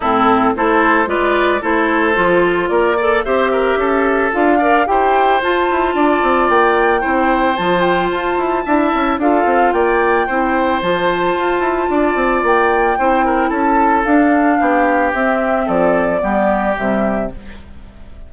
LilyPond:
<<
  \new Staff \with { instrumentName = "flute" } { \time 4/4 \tempo 4 = 111 a'4 c''4 d''4 c''4~ | c''4 d''4 e''2 | f''4 g''4 a''2 | g''2 a''8 g''8 a''4~ |
a''4 f''4 g''2 | a''2. g''4~ | g''4 a''4 f''2 | e''4 d''2 e''4 | }
  \new Staff \with { instrumentName = "oboe" } { \time 4/4 e'4 a'4 b'4 a'4~ | a'4 ais'8 d''8 c''8 ais'8 a'4~ | a'8 d''8 c''2 d''4~ | d''4 c''2. |
e''4 a'4 d''4 c''4~ | c''2 d''2 | c''8 ais'8 a'2 g'4~ | g'4 a'4 g'2 | }
  \new Staff \with { instrumentName = "clarinet" } { \time 4/4 c'4 e'4 f'4 e'4 | f'4. a'8 g'2 | f'8 ais'8 g'4 f'2~ | f'4 e'4 f'2 |
e'4 f'2 e'4 | f'1 | e'2 d'2 | c'2 b4 g4 | }
  \new Staff \with { instrumentName = "bassoon" } { \time 4/4 a,4 a4 gis4 a4 | f4 ais4 c'4 cis'4 | d'4 e'4 f'8 e'8 d'8 c'8 | ais4 c'4 f4 f'8 e'8 |
d'8 cis'8 d'8 c'8 ais4 c'4 | f4 f'8 e'8 d'8 c'8 ais4 | c'4 cis'4 d'4 b4 | c'4 f4 g4 c4 | }
>>